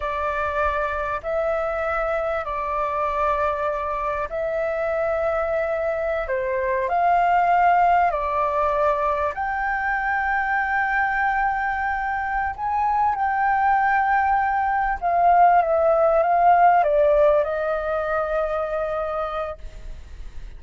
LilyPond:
\new Staff \with { instrumentName = "flute" } { \time 4/4 \tempo 4 = 98 d''2 e''2 | d''2. e''4~ | e''2~ e''16 c''4 f''8.~ | f''4~ f''16 d''2 g''8.~ |
g''1~ | g''8 gis''4 g''2~ g''8~ | g''8 f''4 e''4 f''4 d''8~ | d''8 dis''2.~ dis''8 | }